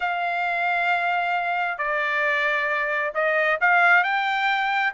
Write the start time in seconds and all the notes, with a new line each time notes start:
0.00 F5
1.78 D5
3.14 D#5
3.60 F5
4.03 G5